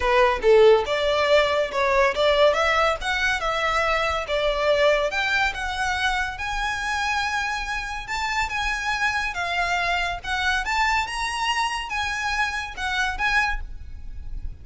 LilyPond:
\new Staff \with { instrumentName = "violin" } { \time 4/4 \tempo 4 = 141 b'4 a'4 d''2 | cis''4 d''4 e''4 fis''4 | e''2 d''2 | g''4 fis''2 gis''4~ |
gis''2. a''4 | gis''2 f''2 | fis''4 a''4 ais''2 | gis''2 fis''4 gis''4 | }